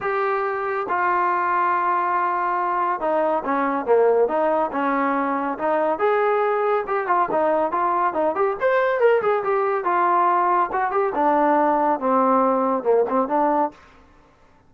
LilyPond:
\new Staff \with { instrumentName = "trombone" } { \time 4/4 \tempo 4 = 140 g'2 f'2~ | f'2. dis'4 | cis'4 ais4 dis'4 cis'4~ | cis'4 dis'4 gis'2 |
g'8 f'8 dis'4 f'4 dis'8 g'8 | c''4 ais'8 gis'8 g'4 f'4~ | f'4 fis'8 g'8 d'2 | c'2 ais8 c'8 d'4 | }